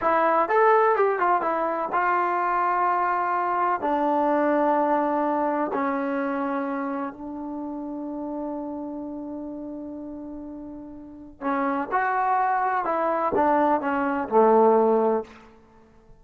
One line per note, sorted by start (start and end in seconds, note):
0.01 0.48 E4
0.48 0.96 A4
0.96 1.19 G4
1.19 1.41 F4
1.41 1.89 E4
1.92 3.80 F4
3.80 5.71 D4
5.73 7.13 C#4
7.13 11.40 D4
11.40 11.88 C#4
11.91 12.84 F#4
12.84 13.32 E4
13.35 13.81 D4
13.81 14.28 C#4
14.28 15.24 A3